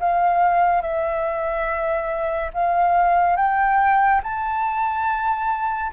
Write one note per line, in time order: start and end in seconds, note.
0.00 0.81 F5
0.81 2.50 E5
2.53 3.36 F5
3.36 4.21 G5
4.23 5.92 A5